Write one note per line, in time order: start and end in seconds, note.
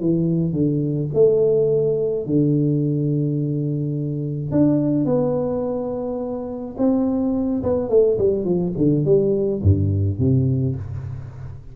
0.00 0.52 E3
0.52 1.09 D3
1.14 2.26 A3
2.26 4.51 D3
4.51 5.06 D4
5.06 6.75 B3
6.78 7.63 C4
7.63 7.90 B3
7.90 8.18 A3
8.18 8.44 G3
8.44 8.73 F3
8.77 9.05 D3
9.05 9.61 G3
9.63 10.19 G2
10.19 10.75 C3